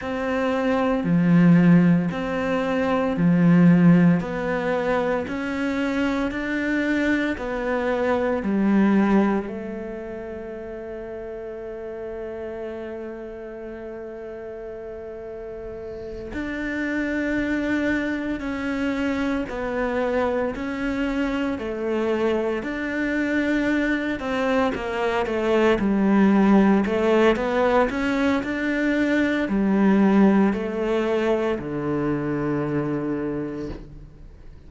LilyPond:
\new Staff \with { instrumentName = "cello" } { \time 4/4 \tempo 4 = 57 c'4 f4 c'4 f4 | b4 cis'4 d'4 b4 | g4 a2.~ | a2.~ a8 d'8~ |
d'4. cis'4 b4 cis'8~ | cis'8 a4 d'4. c'8 ais8 | a8 g4 a8 b8 cis'8 d'4 | g4 a4 d2 | }